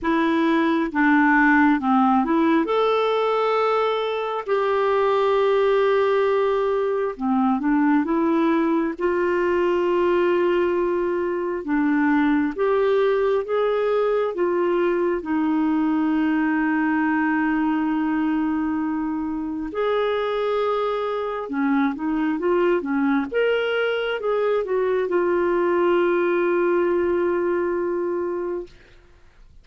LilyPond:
\new Staff \with { instrumentName = "clarinet" } { \time 4/4 \tempo 4 = 67 e'4 d'4 c'8 e'8 a'4~ | a'4 g'2. | c'8 d'8 e'4 f'2~ | f'4 d'4 g'4 gis'4 |
f'4 dis'2.~ | dis'2 gis'2 | cis'8 dis'8 f'8 cis'8 ais'4 gis'8 fis'8 | f'1 | }